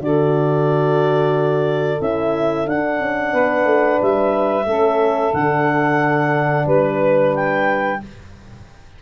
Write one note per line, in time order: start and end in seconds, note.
0.00 2.00 D3
0.00 2.00 F#4
0.00 3.32 A4
0.00 2.01 D5
2.00 2.67 C#4
2.00 2.66 E4
2.00 2.68 E5
2.66 4.66 D4
2.66 3.00 D4
2.66 4.01 F#5
3.00 3.34 C#4
3.32 3.65 B3
3.32 4.66 B4
3.65 3.99 A3
4.02 4.66 G3
4.02 5.34 E5
4.66 5.32 A3
4.66 5.33 C#4
4.66 6.66 A4
5.34 6.67 D3
5.34 8.02 D4
5.34 6.67 F#5
6.66 8.00 G3
6.66 7.99 B4
6.66 7.35 B4
7.35 8.02 G5